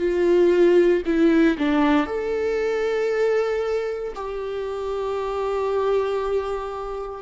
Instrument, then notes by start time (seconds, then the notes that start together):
viola
0.00 F4
1.06 E4
1.58 D4
2.07 A4
4.16 G4